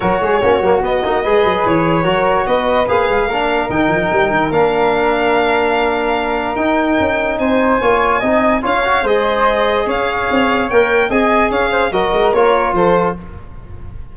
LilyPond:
<<
  \new Staff \with { instrumentName = "violin" } { \time 4/4 \tempo 4 = 146 cis''2 dis''2 | cis''2 dis''4 f''4~ | f''4 g''2 f''4~ | f''1 |
g''2 gis''2~ | gis''4 f''4 dis''2 | f''2 g''4 gis''4 | f''4 dis''4 cis''4 c''4 | }
  \new Staff \with { instrumentName = "flute" } { \time 4/4 ais'8 gis'8 fis'2 b'4~ | b'4 ais'4 b'2 | ais'1~ | ais'1~ |
ais'2 c''4 cis''4 | dis''4 cis''4 c''2 | cis''2. dis''4 | cis''8 c''8 ais'2 a'4 | }
  \new Staff \with { instrumentName = "trombone" } { \time 4/4 fis'4 cis'8 ais8 b8 dis'8 gis'4~ | gis'4 fis'2 gis'4 | d'4 dis'2 d'4~ | d'1 |
dis'2. f'4 | dis'4 f'8 fis'8 gis'2~ | gis'2 ais'4 gis'4~ | gis'4 fis'4 f'2 | }
  \new Staff \with { instrumentName = "tuba" } { \time 4/4 fis8 gis8 ais8 fis8 b8 ais8 gis8 fis8 | e4 fis4 b4 ais8 gis8 | ais4 dis8 f8 g8 dis8 ais4~ | ais1 |
dis'4 cis'4 c'4 ais4 | c'4 cis'4 gis2 | cis'4 c'4 ais4 c'4 | cis'4 fis8 gis8 ais4 f4 | }
>>